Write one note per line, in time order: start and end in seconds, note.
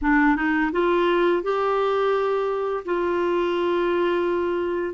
0.01 0.36 D4
0.36 0.71 D#4
0.72 1.42 F4
1.42 2.84 G4
2.85 4.94 F4